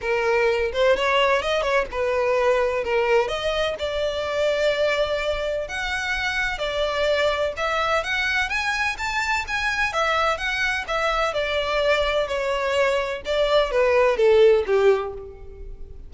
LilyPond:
\new Staff \with { instrumentName = "violin" } { \time 4/4 \tempo 4 = 127 ais'4. c''8 cis''4 dis''8 cis''8 | b'2 ais'4 dis''4 | d''1 | fis''2 d''2 |
e''4 fis''4 gis''4 a''4 | gis''4 e''4 fis''4 e''4 | d''2 cis''2 | d''4 b'4 a'4 g'4 | }